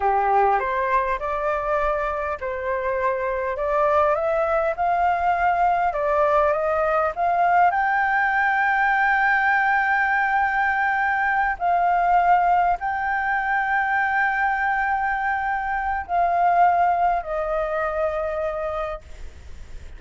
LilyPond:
\new Staff \with { instrumentName = "flute" } { \time 4/4 \tempo 4 = 101 g'4 c''4 d''2 | c''2 d''4 e''4 | f''2 d''4 dis''4 | f''4 g''2.~ |
g''2.~ g''8 f''8~ | f''4. g''2~ g''8~ | g''2. f''4~ | f''4 dis''2. | }